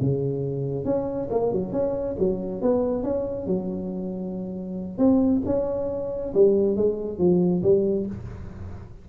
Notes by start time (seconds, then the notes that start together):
0.00 C#3
0.84 C#4
1.30 A#3
1.52 F#3
1.72 C#4
2.18 F#3
2.61 B3
3.03 C#4
3.46 F#3
4.98 C4
5.45 C#4
6.34 G3
6.76 G#3
7.18 F3
7.62 G3